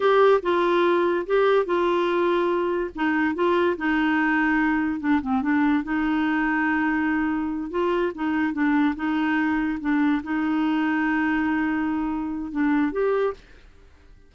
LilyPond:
\new Staff \with { instrumentName = "clarinet" } { \time 4/4 \tempo 4 = 144 g'4 f'2 g'4 | f'2. dis'4 | f'4 dis'2. | d'8 c'8 d'4 dis'2~ |
dis'2~ dis'8 f'4 dis'8~ | dis'8 d'4 dis'2 d'8~ | d'8 dis'2.~ dis'8~ | dis'2 d'4 g'4 | }